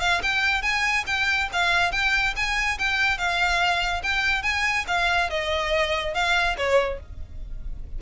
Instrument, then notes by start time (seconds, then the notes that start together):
violin
0.00 F5
0.22 G5
0.62 G#5
1.07 G5
1.52 F5
1.91 G5
2.36 G#5
2.78 G5
3.17 F5
4.03 G5
4.43 G#5
4.87 F5
5.30 D#5
6.14 F5
6.57 C#5